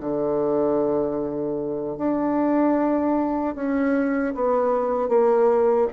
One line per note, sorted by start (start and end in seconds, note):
0.00 1.97 D3
1.97 3.55 D4
3.55 4.34 C#4
4.34 5.08 B3
5.08 5.87 A#3